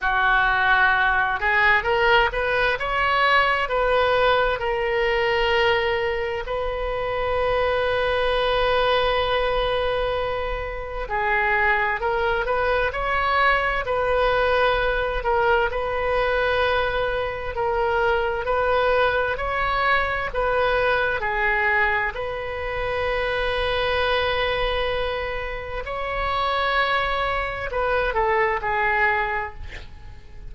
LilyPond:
\new Staff \with { instrumentName = "oboe" } { \time 4/4 \tempo 4 = 65 fis'4. gis'8 ais'8 b'8 cis''4 | b'4 ais'2 b'4~ | b'1 | gis'4 ais'8 b'8 cis''4 b'4~ |
b'8 ais'8 b'2 ais'4 | b'4 cis''4 b'4 gis'4 | b'1 | cis''2 b'8 a'8 gis'4 | }